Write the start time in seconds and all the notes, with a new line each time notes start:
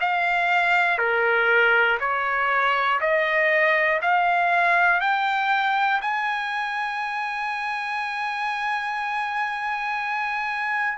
0.00 F5
0.98 A#4
2.00 C#5
3.00 D#5
4.01 F5
5.00 G5
6.01 G#5